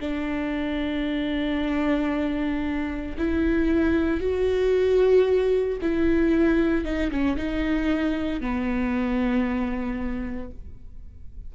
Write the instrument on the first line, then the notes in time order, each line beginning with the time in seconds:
viola
0.00 D4
3.18 E4
4.21 F#4
5.81 E4
6.84 D#4
7.11 C#4
7.36 D#4
8.41 B3